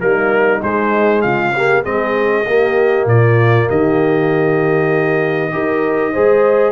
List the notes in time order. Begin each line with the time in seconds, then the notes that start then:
0.00 G3 A#3 D#4 A#4
0.62 G#3 C5
1.22 C#3 F4 F5
1.54 A#3 G4
1.83 G#3 C4 G#4 D#5
2.46 A#3 G4
3.05 A#2 F4 D5
3.68 D#3 G4 D#5
5.51 D#4 G4 A#4
6.13 G#3 G#4 C5